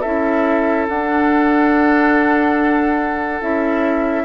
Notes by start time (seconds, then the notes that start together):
0.00 C#4 E4 A4 E5
0.88 D4 F#5
3.41 C#4 E4 E5